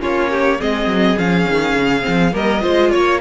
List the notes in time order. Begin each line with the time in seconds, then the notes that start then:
0.00 A#3 C#4 F4 C#5
0.31 G4
0.60 G#3 C4 G#4 D#5
0.87 F#3
1.17 F3 C#4 F5
1.49 D#3
1.74 C#3
2.02 C4
2.08 F3
2.33 G3 A#3 A#4 D#5
2.61 G#3 F4 C5
2.92 A#3 C#5